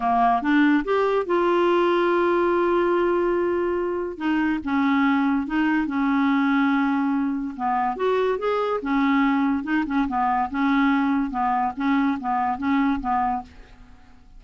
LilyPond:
\new Staff \with { instrumentName = "clarinet" } { \time 4/4 \tempo 4 = 143 ais4 d'4 g'4 f'4~ | f'1~ | f'2 dis'4 cis'4~ | cis'4 dis'4 cis'2~ |
cis'2 b4 fis'4 | gis'4 cis'2 dis'8 cis'8 | b4 cis'2 b4 | cis'4 b4 cis'4 b4 | }